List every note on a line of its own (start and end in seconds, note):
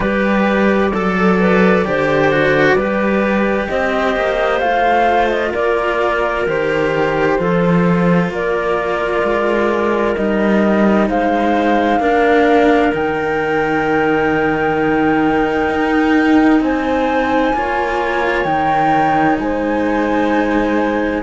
0.00 0.92 G3
0.00 0.91 G4
0.00 0.92 B4
0.00 3.66 D5
0.92 1.85 F#3
0.92 1.38 A4
0.92 1.85 A4
1.39 1.85 B4
1.85 2.75 D3
1.85 2.31 G4
1.85 2.76 C5
2.31 2.77 F#4
2.75 3.68 G3
2.75 4.62 G4
2.75 3.68 B4
3.67 4.16 C4
3.67 5.51 C5
3.67 4.59 D#5
4.16 4.60 A#3
4.59 5.53 A3
4.59 6.47 F4
4.59 5.28 F5
5.29 5.52 D#5
5.51 6.46 A#3
5.51 7.35 A#4
5.51 6.46 D5
6.46 7.38 D#3
6.46 7.38 G4
6.46 8.32 C5
7.38 8.30 F3
7.38 10.15 F4
7.38 8.31 A4
8.30 9.22 A#3
8.30 11.08 A#4
8.30 10.15 D5
9.23 10.15 G#3
10.15 11.09 G3
10.15 12.00 D#4
10.15 11.07 D#5
11.08 11.99 G#3
11.08 11.99 C5
11.08 12.93 F5
11.99 12.91 A#3
11.99 12.92 D4
11.99 16.61 A#4
12.92 15.69 D#3
12.92 17.53 D#4
12.92 16.60 G5
15.69 16.60 D#4
16.60 17.52 C4
16.60 17.55 C5
16.60 18.44 G#5
17.53 18.44 A#3
17.53 18.44 F4
17.53 19.41 C#5
18.44 19.37 D#3
18.44 21.21 D#4
18.44 19.36 G5
19.38 21.23 G#3
19.38 21.23 C5
19.38 21.23 G#5